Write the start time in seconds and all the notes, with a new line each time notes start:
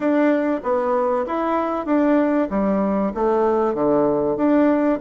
0.00 D4
0.63 B3
1.26 E4
1.85 D4
2.50 G3
3.14 A3
3.74 D3
4.36 D4